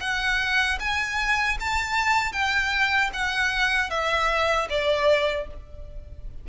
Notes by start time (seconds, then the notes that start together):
0.00 F#5
0.79 G#5
1.60 A5
2.32 G5
3.13 F#5
3.90 E5
4.69 D5